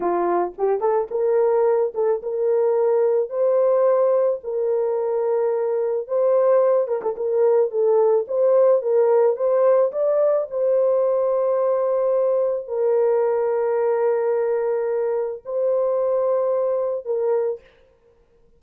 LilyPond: \new Staff \with { instrumentName = "horn" } { \time 4/4 \tempo 4 = 109 f'4 g'8 a'8 ais'4. a'8 | ais'2 c''2 | ais'2. c''4~ | c''8 ais'16 a'16 ais'4 a'4 c''4 |
ais'4 c''4 d''4 c''4~ | c''2. ais'4~ | ais'1 | c''2. ais'4 | }